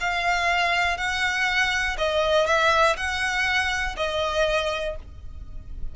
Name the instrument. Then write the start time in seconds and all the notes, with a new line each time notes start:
violin
0.00 F5
0.97 F#5
1.98 D#5
2.47 E5
2.97 F#5
3.96 D#5